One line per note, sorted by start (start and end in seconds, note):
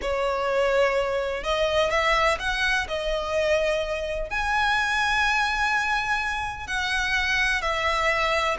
0.01 1.43 C#5
1.43 1.90 D#5
1.90 2.38 E5
2.39 2.87 F#5
2.88 4.30 D#5
4.30 6.67 G#5
6.67 7.61 F#5
7.61 8.56 E5